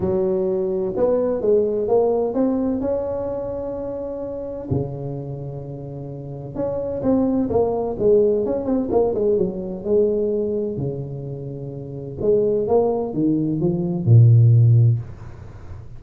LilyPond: \new Staff \with { instrumentName = "tuba" } { \time 4/4 \tempo 4 = 128 fis2 b4 gis4 | ais4 c'4 cis'2~ | cis'2 cis2~ | cis2 cis'4 c'4 |
ais4 gis4 cis'8 c'8 ais8 gis8 | fis4 gis2 cis4~ | cis2 gis4 ais4 | dis4 f4 ais,2 | }